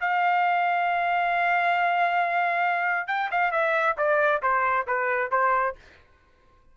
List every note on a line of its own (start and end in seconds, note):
0.00 3.07 F5
3.07 3.30 G5
3.31 3.52 F5
3.52 3.96 E5
3.97 4.42 D5
4.42 4.86 C5
4.87 5.31 B4
5.31 5.76 C5